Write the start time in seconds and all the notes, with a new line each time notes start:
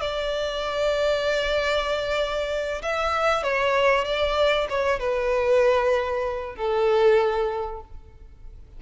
0.00 D5
2.82 E5
3.43 C#5
4.04 D5
4.69 C#5
4.99 B4
6.55 A4